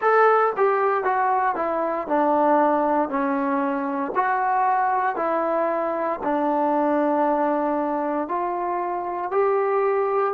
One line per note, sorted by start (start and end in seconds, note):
0.01 0.53 A4
0.56 1.03 G4
1.03 1.55 F#4
1.55 2.07 E4
2.07 3.08 D4
3.08 4.12 C#4
4.15 5.16 F#4
5.16 6.19 E4
6.23 8.28 D4
8.28 9.31 F4
9.31 10.34 G4